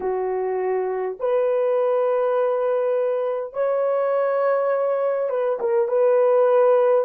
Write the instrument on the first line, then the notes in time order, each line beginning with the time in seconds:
horn
0.00 F#4
1.19 B4
3.53 C#5
5.29 B4
5.59 A#4
5.88 B4